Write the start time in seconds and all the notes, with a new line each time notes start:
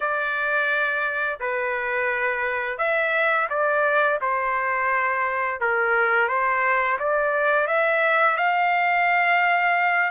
0.00 D5
1.40 B4
2.78 E5
3.49 D5
4.21 C5
5.60 A#4
6.28 C5
6.99 D5
7.67 E5
8.37 F5